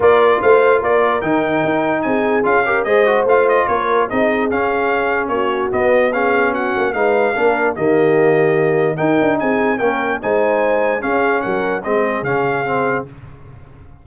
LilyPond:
<<
  \new Staff \with { instrumentName = "trumpet" } { \time 4/4 \tempo 4 = 147 d''4 f''4 d''4 g''4~ | g''4 gis''4 f''4 dis''4 | f''8 dis''8 cis''4 dis''4 f''4~ | f''4 cis''4 dis''4 f''4 |
fis''4 f''2 dis''4~ | dis''2 g''4 gis''4 | g''4 gis''2 f''4 | fis''4 dis''4 f''2 | }
  \new Staff \with { instrumentName = "horn" } { \time 4/4 ais'4 c''4 ais'2~ | ais'4 gis'4. ais'8 c''4~ | c''4 ais'4 gis'2~ | gis'4 fis'2 gis'4 |
fis'4 b'4 ais'4 g'4~ | g'2 ais'4 gis'4 | ais'4 c''2 gis'4 | ais'4 gis'2. | }
  \new Staff \with { instrumentName = "trombone" } { \time 4/4 f'2. dis'4~ | dis'2 f'8 g'8 gis'8 fis'8 | f'2 dis'4 cis'4~ | cis'2 b4 cis'4~ |
cis'4 dis'4 d'4 ais4~ | ais2 dis'2 | cis'4 dis'2 cis'4~ | cis'4 c'4 cis'4 c'4 | }
  \new Staff \with { instrumentName = "tuba" } { \time 4/4 ais4 a4 ais4 dis4 | dis'4 c'4 cis'4 gis4 | a4 ais4 c'4 cis'4~ | cis'4 ais4 b2~ |
b8 ais8 gis4 ais4 dis4~ | dis2 dis'8 d'8 c'4 | ais4 gis2 cis'4 | fis4 gis4 cis2 | }
>>